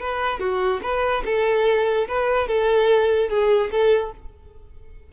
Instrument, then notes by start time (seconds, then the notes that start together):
violin
0.00 B4
0.39 F#4
0.82 B4
1.25 A4
2.08 B4
2.48 A4
3.29 G#4
3.71 A4